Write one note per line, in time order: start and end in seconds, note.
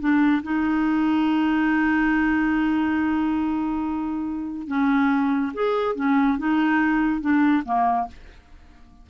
0.00 0.43 D4
0.43 4.68 D#4
4.68 5.53 C#4
5.54 5.96 G#4
5.96 6.38 C#4
6.38 7.21 D#4
7.21 7.64 D4
7.65 8.08 A#3